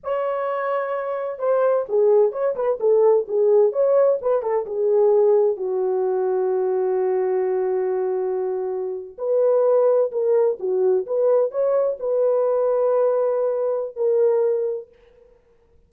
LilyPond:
\new Staff \with { instrumentName = "horn" } { \time 4/4 \tempo 4 = 129 cis''2. c''4 | gis'4 cis''8 b'8 a'4 gis'4 | cis''4 b'8 a'8 gis'2 | fis'1~ |
fis'2.~ fis'8. b'16~ | b'4.~ b'16 ais'4 fis'4 b'16~ | b'8. cis''4 b'2~ b'16~ | b'2 ais'2 | }